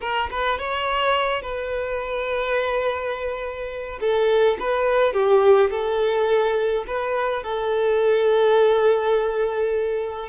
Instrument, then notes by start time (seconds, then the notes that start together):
violin
0.01 A#4
0.30 B4
0.58 C#5
1.42 B4
4.00 A4
4.59 B4
5.13 G4
5.70 A4
6.87 B4
7.43 A4